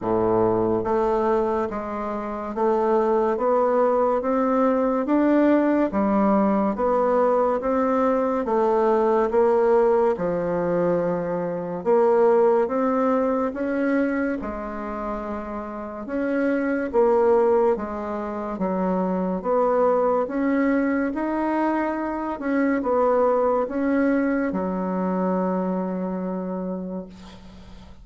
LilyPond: \new Staff \with { instrumentName = "bassoon" } { \time 4/4 \tempo 4 = 71 a,4 a4 gis4 a4 | b4 c'4 d'4 g4 | b4 c'4 a4 ais4 | f2 ais4 c'4 |
cis'4 gis2 cis'4 | ais4 gis4 fis4 b4 | cis'4 dis'4. cis'8 b4 | cis'4 fis2. | }